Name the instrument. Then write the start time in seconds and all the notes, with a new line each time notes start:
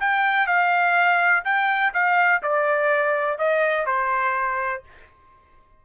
trumpet
0.00 G5
0.47 F5
1.44 G5
1.93 F5
2.42 D5
3.38 D#5
3.86 C5